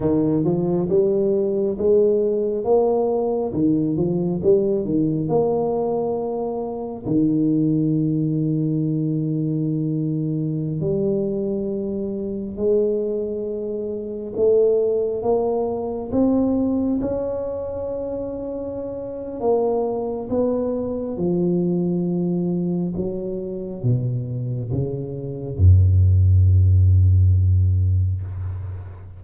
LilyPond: \new Staff \with { instrumentName = "tuba" } { \time 4/4 \tempo 4 = 68 dis8 f8 g4 gis4 ais4 | dis8 f8 g8 dis8 ais2 | dis1~ | dis16 g2 gis4.~ gis16~ |
gis16 a4 ais4 c'4 cis'8.~ | cis'2 ais4 b4 | f2 fis4 b,4 | cis4 fis,2. | }